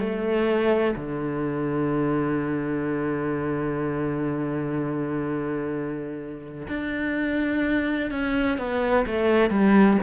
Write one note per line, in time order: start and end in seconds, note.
0.00 0.95 A3
0.96 6.68 D3
6.68 8.11 D4
8.11 8.58 C#4
8.58 9.06 B3
9.06 9.50 A3
9.50 9.98 G3